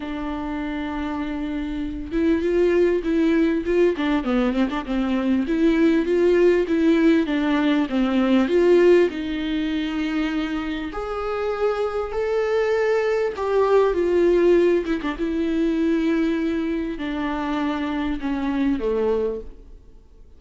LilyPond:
\new Staff \with { instrumentName = "viola" } { \time 4/4 \tempo 4 = 99 d'2.~ d'8 e'8 | f'4 e'4 f'8 d'8 b8 c'16 d'16 | c'4 e'4 f'4 e'4 | d'4 c'4 f'4 dis'4~ |
dis'2 gis'2 | a'2 g'4 f'4~ | f'8 e'16 d'16 e'2. | d'2 cis'4 a4 | }